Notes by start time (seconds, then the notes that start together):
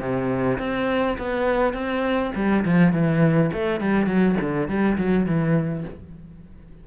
0.00 C3
0.59 C4
1.18 B3
1.74 C4
2.35 G3
2.65 F3
2.93 E3
3.53 A3
3.80 G3
4.06 F#3
4.41 D3
4.68 G3
4.98 F#3
5.26 E3